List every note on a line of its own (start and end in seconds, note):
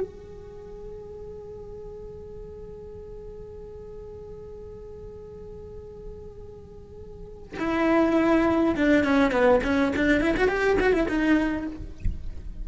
0.00 7.57 G#4
7.59 8.75 E4
8.76 9.04 D4
9.04 9.32 C#4
9.32 9.61 B3
9.64 9.93 C#4
9.96 10.20 D4
10.20 10.35 E4
10.37 10.48 F#4
10.48 10.77 G4
10.80 10.93 F#4
10.93 11.07 E4
11.08 11.67 D#4